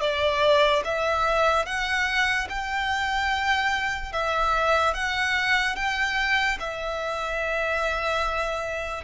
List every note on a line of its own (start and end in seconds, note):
0.00 0.82 D5
0.84 1.65 E5
1.65 2.47 F#5
2.49 4.12 G5
4.12 4.94 E5
4.94 5.75 F#5
5.75 6.58 G5
6.59 9.04 E5